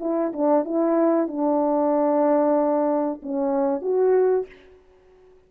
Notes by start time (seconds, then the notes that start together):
0.00 E4
0.33 D4
0.65 E4
1.28 D4
3.22 C#4
3.82 F#4